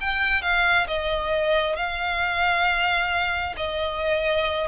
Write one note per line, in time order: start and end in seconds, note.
0.00 0.42 G5
0.42 0.87 F5
0.87 1.76 D#5
1.76 3.55 F5
3.57 4.67 D#5